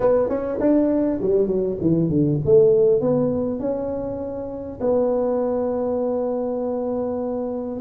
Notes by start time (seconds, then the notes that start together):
0.00 B3
0.28 C#4
0.59 D4
1.21 G3
1.47 F#3
1.80 E3
2.09 D3
2.45 A3
3.01 B3
3.59 C#4
4.80 B3